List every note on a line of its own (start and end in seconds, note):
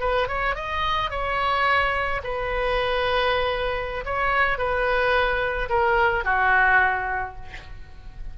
0.00 0.28 B4
0.28 0.55 C#5
0.55 1.10 D#5
1.10 2.21 C#5
2.24 4.04 B4
4.05 4.58 C#5
4.58 5.69 B4
5.69 6.24 A#4
6.24 7.36 F#4